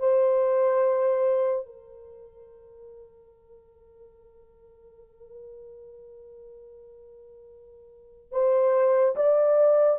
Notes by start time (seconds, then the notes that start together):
0.00 C5
1.66 A#4
8.32 C5
9.16 D5